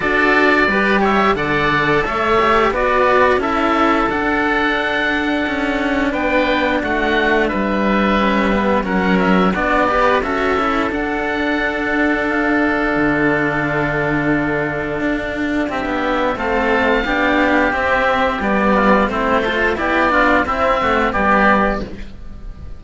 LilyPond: <<
  \new Staff \with { instrumentName = "oboe" } { \time 4/4 \tempo 4 = 88 d''4. e''8 fis''4 e''4 | d''4 e''4 fis''2~ | fis''4 g''4 fis''4 e''4~ | e''4 fis''8 e''8 d''4 e''4 |
fis''2 f''2~ | f''2. e''4 | f''2 e''4 d''4 | c''4 d''4 e''4 d''4 | }
  \new Staff \with { instrumentName = "oboe" } { \time 4/4 a'4 b'8 cis''8 d''4 cis''4 | b'4 a'2.~ | a'4 b'4 fis'4 b'4~ | b'4 ais'4 fis'8 b'8 a'4~ |
a'1~ | a'2. g'4 | a'4 g'2~ g'8 f'8 | e'8 a'8 g'8 f'8 e'8 fis'8 g'4 | }
  \new Staff \with { instrumentName = "cello" } { \time 4/4 fis'4 g'4 a'4. g'8 | fis'4 e'4 d'2~ | d'1 | cis'8 b8 cis'4 d'8 g'8 fis'8 e'8 |
d'1~ | d'1 | c'4 d'4 c'4 b4 | c'8 f'8 e'8 d'8 c'8 a8 b4 | }
  \new Staff \with { instrumentName = "cello" } { \time 4/4 d'4 g4 d4 a4 | b4 cis'4 d'2 | cis'4 b4 a4 g4~ | g4 fis4 b4 cis'4 |
d'2. d4~ | d2 d'4 c'16 b8. | a4 b4 c'4 g4 | a4 b4 c'4 g4 | }
>>